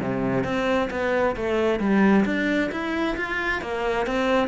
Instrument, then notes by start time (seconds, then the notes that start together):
cello
0.00 C3
0.44 C4
0.90 B3
1.36 A3
1.79 G3
2.25 D4
2.71 E4
3.16 F4
3.62 A#3
4.06 C4